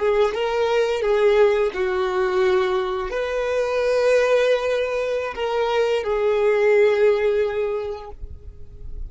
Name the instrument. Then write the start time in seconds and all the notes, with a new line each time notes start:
violin
0.00 G#4
0.35 A#4
1.02 G#4
1.74 F#4
3.11 B4
5.35 A#4
6.04 G#4